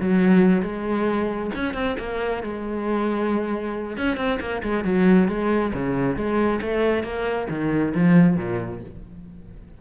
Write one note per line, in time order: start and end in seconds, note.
0.00 0.62 F#3
0.62 1.50 G#3
1.55 1.74 C#4
1.74 1.96 C4
1.99 2.43 A#3
2.43 3.97 G#3
3.97 4.17 C#4
4.17 4.39 C4
4.40 4.62 A#3
4.63 4.84 G#3
4.84 5.28 F#3
5.28 5.72 G#3
5.74 6.16 C#3
6.16 6.60 G#3
6.62 7.03 A3
7.03 7.48 A#3
7.49 7.94 D#3
7.94 8.36 F3
8.36 8.81 A#2